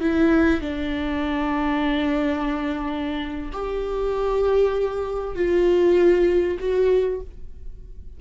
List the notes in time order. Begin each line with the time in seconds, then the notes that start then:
0.00 E4
0.61 D4
3.52 G4
5.35 F4
6.59 F#4